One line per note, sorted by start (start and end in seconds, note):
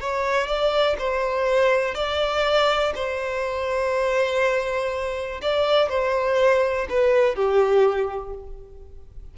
0.00 0.47 C#5
0.47 0.96 D5
0.99 1.95 C5
1.95 2.93 D5
2.95 5.41 C5
5.42 5.89 D5
5.89 6.87 C5
6.89 7.35 B4
7.35 8.34 G4